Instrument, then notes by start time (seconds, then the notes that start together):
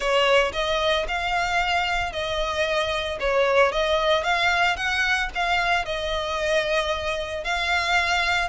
violin
0.00 C#5
0.52 D#5
1.08 F5
2.12 D#5
3.20 C#5
3.72 D#5
4.23 F5
4.76 F#5
5.34 F5
5.85 D#5
7.44 F5